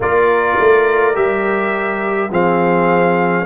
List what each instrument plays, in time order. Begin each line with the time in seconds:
0.00 tuba A#3, trombone F4, horn A#4, trumpet D5
0.59 tuba A3
1.14 tuba G3, trombone G4, trumpet E5
2.31 tuba F3, trombone C4, horn G#4, trumpet F5